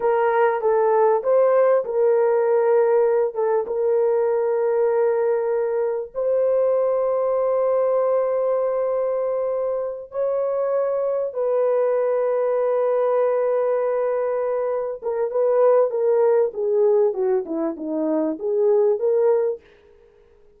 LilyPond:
\new Staff \with { instrumentName = "horn" } { \time 4/4 \tempo 4 = 98 ais'4 a'4 c''4 ais'4~ | ais'4. a'8 ais'2~ | ais'2 c''2~ | c''1~ |
c''8 cis''2 b'4.~ | b'1~ | b'8 ais'8 b'4 ais'4 gis'4 | fis'8 e'8 dis'4 gis'4 ais'4 | }